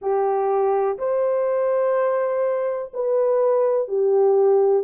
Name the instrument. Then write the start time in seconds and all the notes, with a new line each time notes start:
horn
0.01 G4
0.98 C5
2.93 B4
3.88 G4